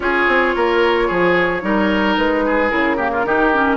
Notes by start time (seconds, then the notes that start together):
0.00 C#4 F4 G#4 C#5
0.27 C4
0.55 A#3 A#4
1.07 F3 G#4
1.61 G3 D#4 A#4
2.17 G#3 B4
2.45 G#4
2.69 C#3 E4 A#4
2.97 A#3 G4
3.12 F4
3.24 D#3 D#4 G4
3.53 C#4